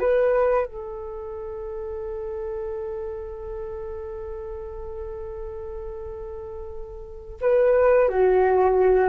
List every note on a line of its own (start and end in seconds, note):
0.00 0.66 B4
0.66 7.40 A4
7.41 8.09 B4
8.09 9.09 F#4